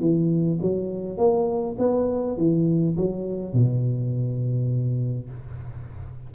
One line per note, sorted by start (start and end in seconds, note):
0.00 0.59 E3
0.62 1.17 F#3
1.17 1.76 A#3
1.79 2.37 B3
2.37 2.96 E3
2.97 3.53 F#3
3.53 5.30 B2